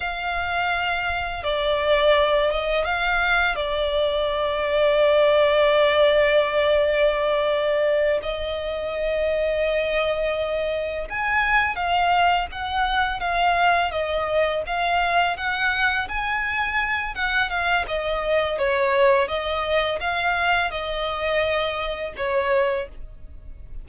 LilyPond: \new Staff \with { instrumentName = "violin" } { \time 4/4 \tempo 4 = 84 f''2 d''4. dis''8 | f''4 d''2.~ | d''2.~ d''8 dis''8~ | dis''2.~ dis''8 gis''8~ |
gis''8 f''4 fis''4 f''4 dis''8~ | dis''8 f''4 fis''4 gis''4. | fis''8 f''8 dis''4 cis''4 dis''4 | f''4 dis''2 cis''4 | }